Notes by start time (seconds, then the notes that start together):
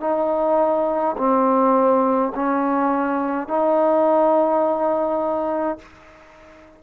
0.00 D#4
1.17 C4
2.35 C#4
3.48 D#4